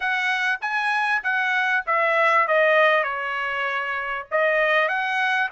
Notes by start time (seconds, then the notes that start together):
0.00 F#5
0.61 G#5
1.23 F#5
1.86 E5
2.47 D#5
3.03 C#5
4.31 D#5
4.88 F#5